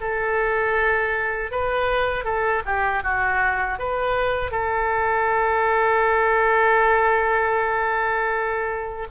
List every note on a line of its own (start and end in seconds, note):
0.00 1.51 A4
1.51 2.24 B4
2.24 2.62 A4
2.65 3.03 G4
3.03 3.78 F#4
3.78 4.51 B4
4.51 9.07 A4